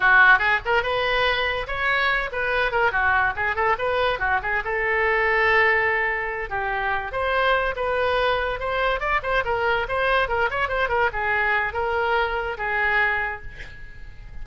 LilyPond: \new Staff \with { instrumentName = "oboe" } { \time 4/4 \tempo 4 = 143 fis'4 gis'8 ais'8 b'2 | cis''4. b'4 ais'8 fis'4 | gis'8 a'8 b'4 fis'8 gis'8 a'4~ | a'2.~ a'8 g'8~ |
g'4 c''4. b'4.~ | b'8 c''4 d''8 c''8 ais'4 c''8~ | c''8 ais'8 cis''8 c''8 ais'8 gis'4. | ais'2 gis'2 | }